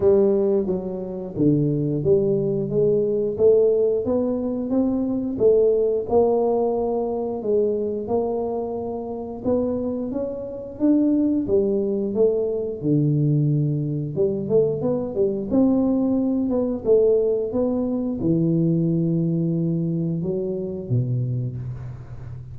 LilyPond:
\new Staff \with { instrumentName = "tuba" } { \time 4/4 \tempo 4 = 89 g4 fis4 d4 g4 | gis4 a4 b4 c'4 | a4 ais2 gis4 | ais2 b4 cis'4 |
d'4 g4 a4 d4~ | d4 g8 a8 b8 g8 c'4~ | c'8 b8 a4 b4 e4~ | e2 fis4 b,4 | }